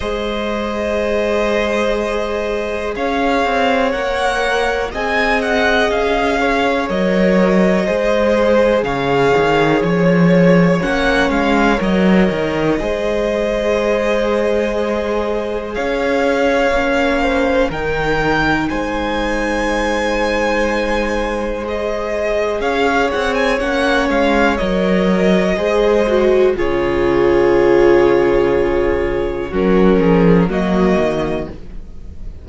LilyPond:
<<
  \new Staff \with { instrumentName = "violin" } { \time 4/4 \tempo 4 = 61 dis''2. f''4 | fis''4 gis''8 fis''8 f''4 dis''4~ | dis''4 f''4 cis''4 fis''8 f''8 | dis''1 |
f''2 g''4 gis''4~ | gis''2 dis''4 f''8 fis''16 gis''16 | fis''8 f''8 dis''2 cis''4~ | cis''2 ais'4 dis''4 | }
  \new Staff \with { instrumentName = "violin" } { \time 4/4 c''2. cis''4~ | cis''4 dis''4. cis''4. | c''4 cis''2.~ | cis''4 c''2. |
cis''4. c''8 ais'4 c''4~ | c''2. cis''4~ | cis''2 c''4 gis'4~ | gis'2 fis'8 gis'8 fis'4 | }
  \new Staff \with { instrumentName = "viola" } { \time 4/4 gis'1 | ais'4 gis'2 ais'4 | gis'2. cis'4 | ais'4 gis'2.~ |
gis'4 cis'4 dis'2~ | dis'2 gis'2 | cis'4 ais'4 gis'8 fis'8 f'4~ | f'2 cis'4 ais4 | }
  \new Staff \with { instrumentName = "cello" } { \time 4/4 gis2. cis'8 c'8 | ais4 c'4 cis'4 fis4 | gis4 cis8 dis8 f4 ais8 gis8 | fis8 dis8 gis2. |
cis'4 ais4 dis4 gis4~ | gis2. cis'8 c'8 | ais8 gis8 fis4 gis4 cis4~ | cis2 fis8 f8 fis8 dis8 | }
>>